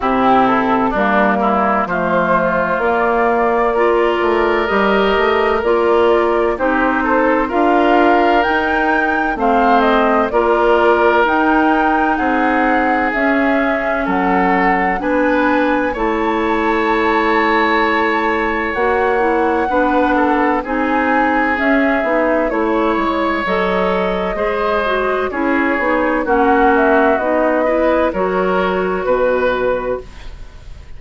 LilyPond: <<
  \new Staff \with { instrumentName = "flute" } { \time 4/4 \tempo 4 = 64 g'8 a'8 ais'4 c''4 d''4~ | d''4 dis''4 d''4 c''4 | f''4 g''4 f''8 dis''8 d''4 | g''4 fis''4 e''4 fis''4 |
gis''4 a''2. | fis''2 gis''4 e''4 | cis''4 dis''2 cis''4 | fis''8 e''8 dis''4 cis''4 b'4 | }
  \new Staff \with { instrumentName = "oboe" } { \time 4/4 e'4 d'8 e'8 f'2 | ais'2. g'8 a'8 | ais'2 c''4 ais'4~ | ais'4 gis'2 a'4 |
b'4 cis''2.~ | cis''4 b'8 a'8 gis'2 | cis''2 c''4 gis'4 | fis'4. b'8 ais'4 b'4 | }
  \new Staff \with { instrumentName = "clarinet" } { \time 4/4 c'4 ais4 a4 ais4 | f'4 g'4 f'4 dis'4 | f'4 dis'4 c'4 f'4 | dis'2 cis'2 |
d'4 e'2. | fis'8 e'8 d'4 dis'4 cis'8 dis'8 | e'4 a'4 gis'8 fis'8 e'8 dis'8 | cis'4 dis'8 e'8 fis'2 | }
  \new Staff \with { instrumentName = "bassoon" } { \time 4/4 c4 g4 f4 ais4~ | ais8 a8 g8 a8 ais4 c'4 | d'4 dis'4 a4 ais4 | dis'4 c'4 cis'4 fis4 |
b4 a2. | ais4 b4 c'4 cis'8 b8 | a8 gis8 fis4 gis4 cis'8 b8 | ais4 b4 fis4 b,4 | }
>>